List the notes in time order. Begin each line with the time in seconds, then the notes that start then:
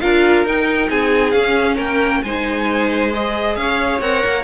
0.00 D4 F4 A#4 F5
0.44 D#4 G5
0.89 C4 G#4 G#5
1.31 C#4 F5
1.76 A#3 A#4 G5
2.22 G#3 D#4 C5 G#5
3.11 G#4 D#5
3.55 C#4 C#5 F5
4.00 C4 A#4 F#5
4.25 A#3